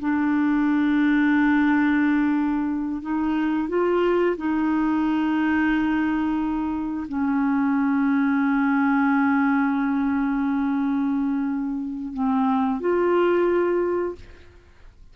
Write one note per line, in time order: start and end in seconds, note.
0.00 3.02 D4
3.02 3.69 D#4
3.69 4.37 F4
4.38 7.07 D#4
7.08 12.14 C#4
12.14 12.81 C4
12.81 14.15 F4